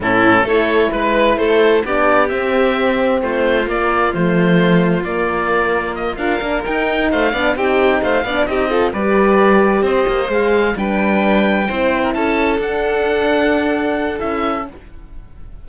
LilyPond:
<<
  \new Staff \with { instrumentName = "oboe" } { \time 4/4 \tempo 4 = 131 a'4 cis''4 b'4 c''4 | d''4 e''2 c''4 | d''4 c''2 d''4~ | d''4 dis''8 f''4 g''4 f''8~ |
f''8 g''4 f''4 dis''4 d''8~ | d''4. dis''4 f''4 g''8~ | g''2~ g''8 a''4 fis''8~ | fis''2. e''4 | }
  \new Staff \with { instrumentName = "violin" } { \time 4/4 e'4 a'4 b'4 a'4 | g'2. f'4~ | f'1~ | f'4. ais'2 c''8 |
d''8 g'4 c''8 d''8 g'8 a'8 b'8~ | b'4. c''2 b'8~ | b'4. c''8. ais'16 a'4.~ | a'1 | }
  \new Staff \with { instrumentName = "horn" } { \time 4/4 cis'4 e'2. | d'4 c'2. | ais4 a2 ais4~ | ais4. f'8 d'8 dis'4. |
d'8 dis'4. d'8 dis'8 f'8 g'8~ | g'2~ g'8 gis'4 d'8~ | d'4. e'2 d'8~ | d'2. e'4 | }
  \new Staff \with { instrumentName = "cello" } { \time 4/4 a,4 a4 gis4 a4 | b4 c'2 a4 | ais4 f2 ais4~ | ais4. d'8 ais8 dis'4 a8 |
b8 c'4 a8 b8 c'4 g8~ | g4. c'8 ais8 gis4 g8~ | g4. c'4 cis'4 d'8~ | d'2. cis'4 | }
>>